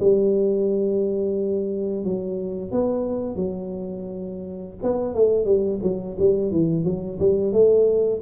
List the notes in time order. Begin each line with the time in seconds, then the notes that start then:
0.00 G3
2.04 F#3
2.71 B3
3.36 F#3
4.83 B3
5.15 A3
5.45 G3
5.82 F#3
6.19 G3
6.51 E3
6.84 F#3
7.19 G3
7.53 A3